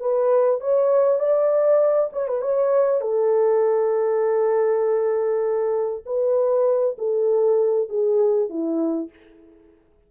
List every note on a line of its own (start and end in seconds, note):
0.00 0.61 B4
0.61 1.20 C#5
1.20 2.10 D5
2.13 2.28 C#5
2.28 2.42 B4
2.42 3.01 C#5
3.01 6.04 A4
6.06 6.97 B4
6.98 7.89 A4
7.90 8.50 G#4
8.50 9.10 E4